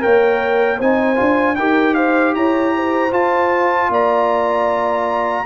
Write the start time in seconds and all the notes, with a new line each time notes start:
0.00 A#3 A#4 C#5 G5
0.77 C4 D#4 C5 G#5
1.15 D4 F4
1.56 D#4 G4 A#4 G5
1.94 C5 F5
2.35 E4 C#5 A#5
2.76 C5
3.11 F4 A5
3.90 A#3 D5 A#5